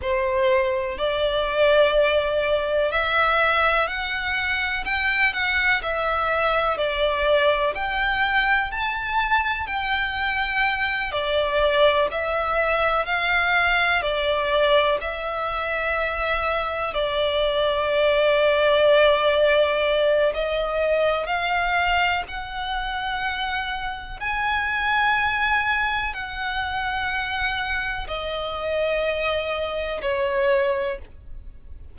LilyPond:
\new Staff \with { instrumentName = "violin" } { \time 4/4 \tempo 4 = 62 c''4 d''2 e''4 | fis''4 g''8 fis''8 e''4 d''4 | g''4 a''4 g''4. d''8~ | d''8 e''4 f''4 d''4 e''8~ |
e''4. d''2~ d''8~ | d''4 dis''4 f''4 fis''4~ | fis''4 gis''2 fis''4~ | fis''4 dis''2 cis''4 | }